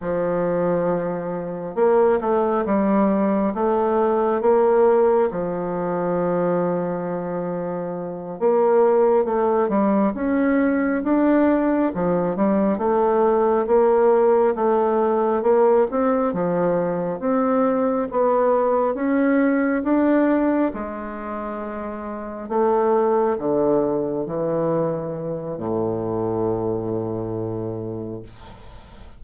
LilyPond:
\new Staff \with { instrumentName = "bassoon" } { \time 4/4 \tempo 4 = 68 f2 ais8 a8 g4 | a4 ais4 f2~ | f4. ais4 a8 g8 cis'8~ | cis'8 d'4 f8 g8 a4 ais8~ |
ais8 a4 ais8 c'8 f4 c'8~ | c'8 b4 cis'4 d'4 gis8~ | gis4. a4 d4 e8~ | e4 a,2. | }